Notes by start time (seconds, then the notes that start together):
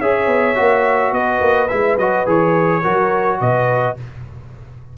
0.00 C#4 G#4 C#5 E5
0.27 B3
0.55 A#3 F#4
1.12 B3 B4 D#5
1.41 A#3
1.68 G#3 E4 E5
1.96 F#3 F#4 D#5
2.26 E3 G#4 C#5
2.82 F#3 F#4 A#4
3.40 B2 B4 D#5